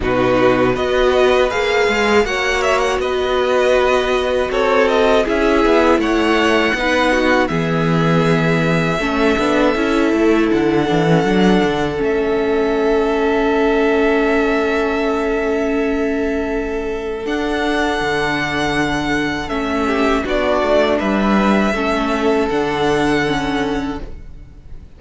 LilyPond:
<<
  \new Staff \with { instrumentName = "violin" } { \time 4/4 \tempo 4 = 80 b'4 dis''4 f''4 fis''8 e''16 fis''16 | dis''2 cis''8 dis''8 e''4 | fis''2 e''2~ | e''2 fis''2 |
e''1~ | e''2. fis''4~ | fis''2 e''4 d''4 | e''2 fis''2 | }
  \new Staff \with { instrumentName = "violin" } { \time 4/4 fis'4 b'2 cis''4 | b'2 a'4 gis'4 | cis''4 b'8 fis'8 gis'2 | a'1~ |
a'1~ | a'1~ | a'2~ a'8 g'8 fis'4 | b'4 a'2. | }
  \new Staff \with { instrumentName = "viola" } { \time 4/4 dis'4 fis'4 gis'4 fis'4~ | fis'2. e'4~ | e'4 dis'4 b2 | cis'8 d'8 e'4. d'16 cis'16 d'4 |
cis'1~ | cis'2. d'4~ | d'2 cis'4 d'4~ | d'4 cis'4 d'4 cis'4 | }
  \new Staff \with { instrumentName = "cello" } { \time 4/4 b,4 b4 ais8 gis8 ais4 | b2 c'4 cis'8 b8 | a4 b4 e2 | a8 b8 cis'8 a8 d8 e8 fis8 d8 |
a1~ | a2. d'4 | d2 a4 b8 a8 | g4 a4 d2 | }
>>